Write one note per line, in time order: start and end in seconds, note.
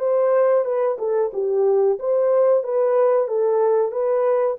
0.00 0.65 C5
0.65 0.98 B4
0.99 1.31 A4
1.33 1.99 G4
2.00 2.64 C5
2.64 3.28 B4
3.28 3.92 A4
3.92 4.57 B4